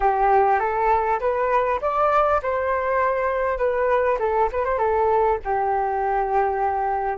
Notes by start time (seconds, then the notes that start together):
0.00 G4
0.59 A4
1.20 B4
1.81 D5
2.42 C5
3.58 B4
4.19 A4
4.52 B4
4.64 C5
4.78 A4
5.44 G4